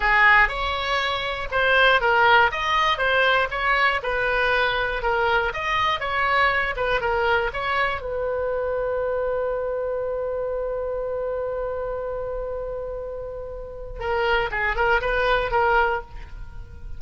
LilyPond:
\new Staff \with { instrumentName = "oboe" } { \time 4/4 \tempo 4 = 120 gis'4 cis''2 c''4 | ais'4 dis''4 c''4 cis''4 | b'2 ais'4 dis''4 | cis''4. b'8 ais'4 cis''4 |
b'1~ | b'1~ | b'1 | ais'4 gis'8 ais'8 b'4 ais'4 | }